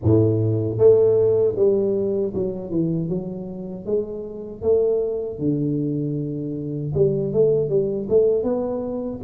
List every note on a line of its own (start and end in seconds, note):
0.03 0.78 A2
0.78 1.55 A3
1.56 2.33 G3
2.34 2.70 F#3
2.70 3.08 E3
3.08 3.85 F#3
3.85 4.62 G#3
4.62 5.38 A3
5.38 6.92 D3
6.94 7.32 G3
7.32 7.69 A3
7.69 8.07 G3
8.09 8.43 A3
8.43 9.20 B3